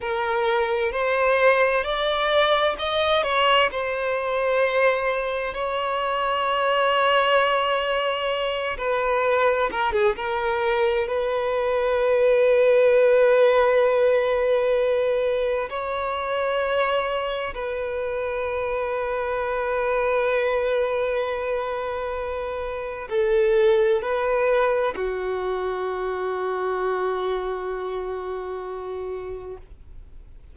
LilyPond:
\new Staff \with { instrumentName = "violin" } { \time 4/4 \tempo 4 = 65 ais'4 c''4 d''4 dis''8 cis''8 | c''2 cis''2~ | cis''4. b'4 ais'16 gis'16 ais'4 | b'1~ |
b'4 cis''2 b'4~ | b'1~ | b'4 a'4 b'4 fis'4~ | fis'1 | }